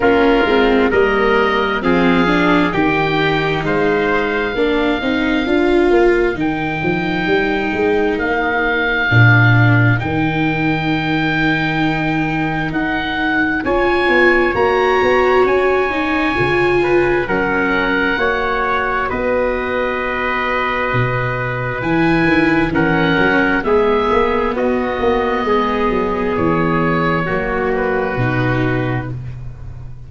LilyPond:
<<
  \new Staff \with { instrumentName = "oboe" } { \time 4/4 \tempo 4 = 66 ais'4 dis''4 f''4 g''4 | f''2. g''4~ | g''4 f''2 g''4~ | g''2 fis''4 gis''4 |
ais''4 gis''2 fis''4~ | fis''4 dis''2. | gis''4 fis''4 e''4 dis''4~ | dis''4 cis''4. b'4. | }
  \new Staff \with { instrumentName = "trumpet" } { \time 4/4 f'4 ais'4 gis'4 g'4 | c''4 ais'2.~ | ais'1~ | ais'2. cis''4~ |
cis''2~ cis''8 b'8 ais'4 | cis''4 b'2.~ | b'4 ais'4 gis'4 fis'4 | gis'2 fis'2 | }
  \new Staff \with { instrumentName = "viola" } { \time 4/4 cis'8 c'8 ais4 c'8 d'8 dis'4~ | dis'4 d'8 dis'8 f'4 dis'4~ | dis'2 d'4 dis'4~ | dis'2. f'4 |
fis'4. dis'8 f'4 cis'4 | fis'1 | e'4 cis'4 b2~ | b2 ais4 dis'4 | }
  \new Staff \with { instrumentName = "tuba" } { \time 4/4 ais8 gis8 g4 f4 dis4 | gis4 ais8 c'8 d'8 ais8 dis8 f8 | g8 gis8 ais4 ais,4 dis4~ | dis2 dis'4 cis'8 b8 |
ais8 b8 cis'4 cis4 fis4 | ais4 b2 b,4 | e8 dis8 e8 fis8 gis8 ais8 b8 ais8 | gis8 fis8 e4 fis4 b,4 | }
>>